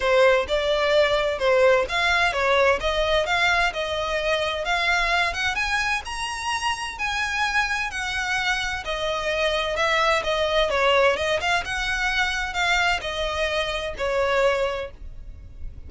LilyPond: \new Staff \with { instrumentName = "violin" } { \time 4/4 \tempo 4 = 129 c''4 d''2 c''4 | f''4 cis''4 dis''4 f''4 | dis''2 f''4. fis''8 | gis''4 ais''2 gis''4~ |
gis''4 fis''2 dis''4~ | dis''4 e''4 dis''4 cis''4 | dis''8 f''8 fis''2 f''4 | dis''2 cis''2 | }